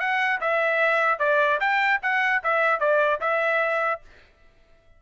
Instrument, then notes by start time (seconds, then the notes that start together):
trumpet
0.00 F#5
0.41 E5
1.19 D5
1.60 G5
2.02 F#5
2.44 E5
2.80 D5
3.21 E5